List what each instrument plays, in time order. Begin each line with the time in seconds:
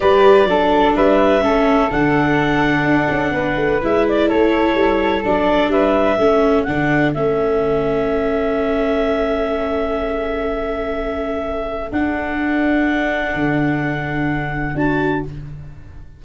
0.00 tuba G3, viola G4, flute B4, clarinet D5
0.44 tuba F#3, viola D4, flute A4
0.95 tuba G3, flute B4, clarinet E5
1.41 tuba A3, viola C#4, flute A4
1.90 tuba D3, viola D4, clarinet F#5
2.83 tuba D4
3.10 tuba C#4
3.31 tuba B3, flute B4
3.56 tuba A3
3.82 tuba G#3, viola E4, clarinet E5
4.08 clarinet D5
4.28 tuba A3, flute A4, clarinet C#5
4.74 tuba G3
5.24 tuba F#3, viola D4, clarinet D5
5.68 tuba G3, flute B4, clarinet E5
6.17 tuba A3, viola C#4, flute A4
6.63 tuba D3, viola D4, clarinet F#5
7.14 tuba A3, viola C#4, clarinet E5
11.91 viola D4, tuba D4, clarinet F#5
13.34 tuba D3
14.74 tuba D4, viola F#4, clarinet A5